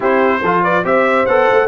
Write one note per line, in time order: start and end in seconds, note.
0.00 0.42 C4
0.00 0.41 E4
0.00 0.40 G4
0.00 0.63 C5
0.42 0.84 F3
0.42 0.83 F4
0.42 0.63 A4
0.63 0.84 B4
0.63 0.85 D5
0.83 1.26 C4
0.83 1.26 G4
0.83 1.68 C5
0.83 1.26 E5
1.26 1.47 B3
1.26 1.68 A4
1.26 1.68 F#5
1.50 1.68 A3